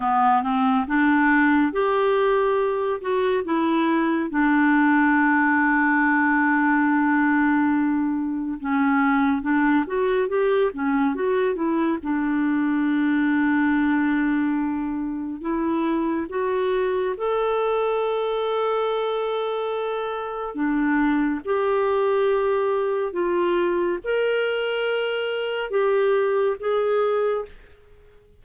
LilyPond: \new Staff \with { instrumentName = "clarinet" } { \time 4/4 \tempo 4 = 70 b8 c'8 d'4 g'4. fis'8 | e'4 d'2.~ | d'2 cis'4 d'8 fis'8 | g'8 cis'8 fis'8 e'8 d'2~ |
d'2 e'4 fis'4 | a'1 | d'4 g'2 f'4 | ais'2 g'4 gis'4 | }